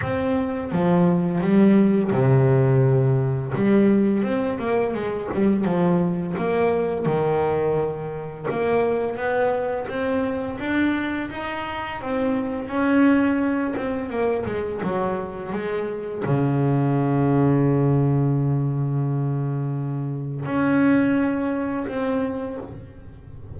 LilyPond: \new Staff \with { instrumentName = "double bass" } { \time 4/4 \tempo 4 = 85 c'4 f4 g4 c4~ | c4 g4 c'8 ais8 gis8 g8 | f4 ais4 dis2 | ais4 b4 c'4 d'4 |
dis'4 c'4 cis'4. c'8 | ais8 gis8 fis4 gis4 cis4~ | cis1~ | cis4 cis'2 c'4 | }